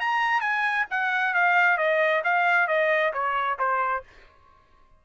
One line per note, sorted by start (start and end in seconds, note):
0.00 0.41 A#5
0.41 0.85 G#5
0.90 1.34 F#5
1.34 1.78 F5
1.78 2.22 D#5
2.24 2.68 F5
2.68 3.12 D#5
3.13 3.58 C#5
3.59 4.03 C5